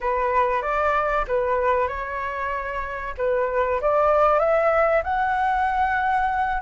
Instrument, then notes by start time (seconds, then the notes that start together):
flute
0.01 B4
0.61 D5
1.27 B4
1.88 C#5
3.17 B4
3.81 D5
4.39 E5
5.03 F#5